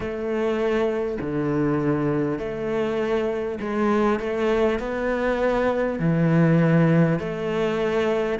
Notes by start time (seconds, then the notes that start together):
0.00 A3
1.21 D3
2.38 A3
3.60 G#3
4.19 A3
4.79 B3
5.99 E3
7.19 A3